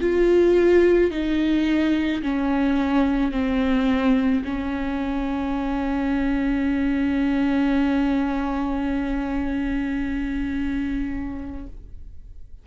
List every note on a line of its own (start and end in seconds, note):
0.00 1.11 F4
1.11 2.22 D#4
2.22 3.31 C#4
3.31 4.42 C4
4.44 11.66 C#4